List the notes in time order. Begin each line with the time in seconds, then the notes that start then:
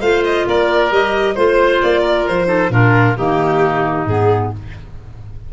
0.00 A3 F4 C5 F5
0.24 D#5
0.46 A#3 A#4 D5
0.91 G3 G4 D#5
1.35 A3 F4 C5
1.82 A#3 D5
2.01 A#4
2.27 F3 C5
2.45 D#4 A4
2.69 A#2 D4 F4 A#4
3.16 D#3 A#3 D#4 G4
4.05 G#2 B3 G#4